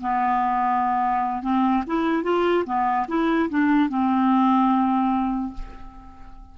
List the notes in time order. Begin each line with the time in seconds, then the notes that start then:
0.00 B3
1.42 C4
1.86 E4
2.23 F4
2.65 B3
3.08 E4
3.50 D4
3.89 C4